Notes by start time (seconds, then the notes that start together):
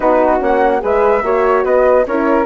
0.00 B3 D#4 F#4 B4
0.39 A#3 C#4 F#5
0.80 G#3 G#4 B4 E5
1.23 A#3 F#4 C#5
1.64 B3 B4 D#5
2.06 C#4 E4 A#4 C#5